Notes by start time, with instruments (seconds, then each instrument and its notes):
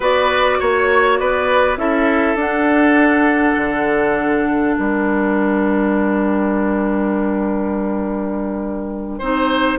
0.00 bassoon B3, clarinet F#4, oboe B4, flute D5
0.59 bassoon A#3, oboe C#5, flute C#5
1.17 bassoon B3, oboe B4, flute D5
1.77 bassoon C#4, clarinet E4, oboe A4, flute E5
2.35 bassoon D4, clarinet D4, flute F#5
3.56 bassoon D3
4.75 bassoon G3, oboe A#4, flute G5
9.19 bassoon C4, clarinet D#4, oboe C5